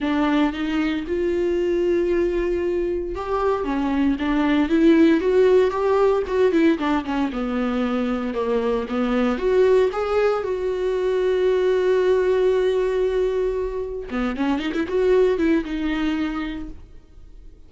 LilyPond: \new Staff \with { instrumentName = "viola" } { \time 4/4 \tempo 4 = 115 d'4 dis'4 f'2~ | f'2 g'4 cis'4 | d'4 e'4 fis'4 g'4 | fis'8 e'8 d'8 cis'8 b2 |
ais4 b4 fis'4 gis'4 | fis'1~ | fis'2. b8 cis'8 | dis'16 e'16 fis'4 e'8 dis'2 | }